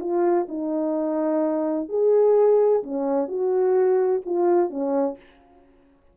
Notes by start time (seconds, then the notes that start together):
0.00 F4
0.48 D#4
1.89 G#4
2.83 C#4
3.28 F#4
4.25 F4
4.70 C#4